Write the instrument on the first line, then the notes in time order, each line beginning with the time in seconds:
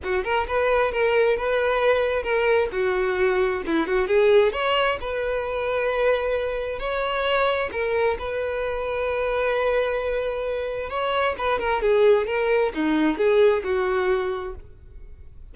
violin
0.03 F#4
0.24 A#4
0.47 B4
0.92 A#4
1.37 B4
2.23 A#4
2.71 F#4
3.66 E4
3.86 F#4
4.07 G#4
4.52 C#5
5.00 B4
6.79 C#5
7.71 A#4
8.18 B4
10.89 C#5
11.38 B4
11.59 A#4
11.82 G#4
12.26 A#4
12.74 D#4
13.17 G#4
13.63 F#4